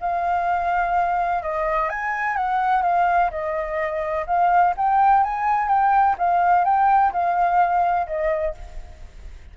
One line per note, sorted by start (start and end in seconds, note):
0.00 1.43 F5
1.43 1.89 D#5
1.89 2.37 G#5
2.37 2.82 F#5
2.82 3.30 F5
3.31 4.26 D#5
4.26 4.74 F5
4.77 5.24 G5
5.24 5.68 G#5
5.68 6.16 G5
6.18 6.65 F5
6.65 7.12 G5
7.12 8.07 F5
8.07 8.55 D#5